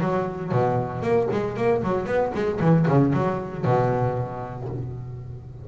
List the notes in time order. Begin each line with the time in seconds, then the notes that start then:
0.00 F#3
0.51 B2
1.02 A#3
1.31 G#3
1.56 A#3
1.83 F#3
2.06 B3
2.34 G#3
2.60 E3
2.87 C#3
3.13 F#3
3.64 B2